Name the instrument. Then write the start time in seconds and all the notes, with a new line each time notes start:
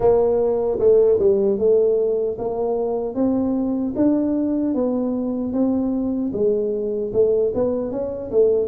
tuba
0.00 A#3
0.79 A3
1.19 G3
1.58 A3
2.38 A#3
3.14 C4
3.96 D4
4.74 B3
5.52 C4
6.33 G#3
7.13 A3
7.54 B3
7.91 C#4
8.31 A3